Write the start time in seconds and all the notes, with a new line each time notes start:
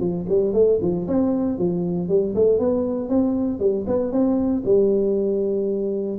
0.00 F3
0.29 G3
0.53 A3
0.81 F3
1.07 C4
1.58 F3
2.09 G3
2.35 A3
2.59 B3
3.09 C4
3.59 G3
3.87 B3
4.12 C4
4.65 G3